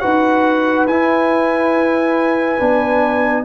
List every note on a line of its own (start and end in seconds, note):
0.00 0.87 D#4
0.00 0.87 F#4
0.00 3.45 B4
0.00 0.86 F#5
0.87 2.59 E4
0.87 3.44 G#5
2.59 3.45 B3
2.59 3.45 D4